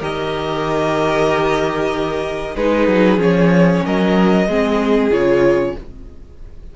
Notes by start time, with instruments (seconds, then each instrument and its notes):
0.00 cello D#3, viola G4, violin A#4 D#5
2.56 cello G#3, viola D#4, violin G#4 B4
2.88 cello F#3
3.18 cello F3, viola C#4, violin C#5
3.86 cello F#3, violin A#4 D#5
4.47 cello G#3, viola C4, violin G#4
5.11 cello C#3, viola F4, violin C#5